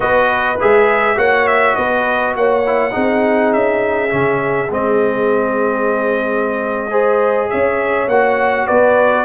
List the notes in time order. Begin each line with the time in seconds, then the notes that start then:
0.00 B3 F#4 B4 D#5
0.60 G#3 G#4 E5
1.15 A#3 F#4 C#5 F#5
1.47 E5
1.75 B3 B4 D#5
2.36 A#3 C#5 F#5
2.66 E4
2.91 C4 D#4 G#4
3.53 C#4 E5
4.09 C#3 C#4
4.70 G#3 C4 D#5
6.90 G#4 C5
7.49 C#4 C#5 E5
8.07 A#3 F#4 F#5
8.66 B3 B4 D5